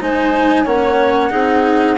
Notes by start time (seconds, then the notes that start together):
0.00 G#3 D#4 C5 G#5
0.64 A#3 C#4 C#5 F#5
1.30 C4 D#4 G#4